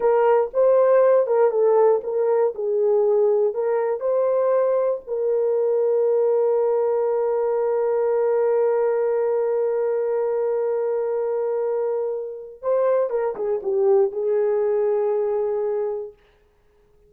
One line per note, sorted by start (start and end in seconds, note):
0.00 0.50 A#4
0.53 1.27 C5
1.27 1.50 A#4
1.50 2.01 A4
2.03 2.54 A#4
2.54 3.53 G#4
3.53 4.00 A#4
4.00 5.01 C5
5.07 12.62 A#4
12.62 13.10 C5
13.10 13.35 A#4
13.35 13.60 G#4
13.62 14.11 G4
14.11 16.13 G#4